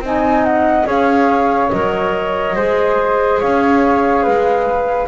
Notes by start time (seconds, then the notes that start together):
0.00 C4 D#4 D#5
0.07 G#5
0.45 F#5
0.85 C#4 G#4 C#5 F5
1.70 F#3 A#4 D#5
2.56 G#3 G#4 C5
3.41 C#4 C#5 F5
4.23 G#3 B4